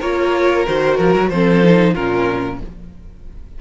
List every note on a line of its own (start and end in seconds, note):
0.00 0.67 A#3
0.00 0.67 F4
0.00 1.29 A#4
0.00 0.66 C#5
0.67 1.00 D#3
0.67 1.31 F#4
0.67 0.97 C5
0.97 1.15 F3
0.97 1.30 A#4
1.15 1.31 F#3
1.30 1.95 F3
1.30 1.64 C4
1.30 1.94 A4
1.30 1.94 C5
1.64 1.96 D#4
1.94 2.61 A#2
1.94 2.60 C#4
1.94 2.58 F4
1.94 2.59 A#4